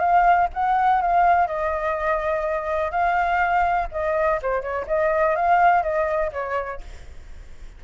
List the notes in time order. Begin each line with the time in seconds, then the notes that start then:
0.00 F5
0.54 F#5
1.02 F5
1.47 D#5
2.91 F5
3.92 D#5
4.42 C5
4.62 C#5
4.87 D#5
5.36 F5
5.83 D#5
6.33 C#5